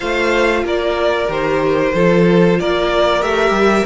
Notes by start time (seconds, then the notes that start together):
0.00 A3 F4 C5 F5
0.63 A#3 A#4 D5
1.27 D#3 G4 C5
1.94 F3 F4 A4
2.59 A#3 A#4 D5
3.21 A3 G4 E5
3.50 G3